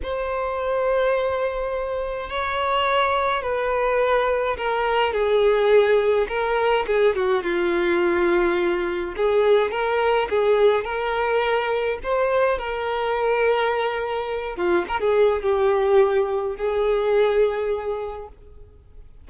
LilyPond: \new Staff \with { instrumentName = "violin" } { \time 4/4 \tempo 4 = 105 c''1 | cis''2 b'2 | ais'4 gis'2 ais'4 | gis'8 fis'8 f'2. |
gis'4 ais'4 gis'4 ais'4~ | ais'4 c''4 ais'2~ | ais'4. f'8 ais'16 gis'8. g'4~ | g'4 gis'2. | }